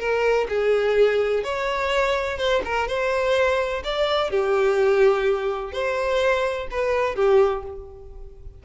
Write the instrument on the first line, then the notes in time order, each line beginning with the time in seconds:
violin
0.00 A#4
0.49 G#4
1.44 C#5
2.39 C5
2.65 A#4
2.88 C5
3.85 D5
4.31 G4
5.73 C5
6.71 B4
7.16 G4